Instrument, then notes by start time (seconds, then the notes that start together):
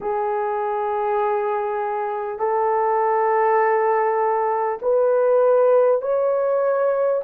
horn
0.00 G#4
2.38 A4
4.82 B4
6.01 C#5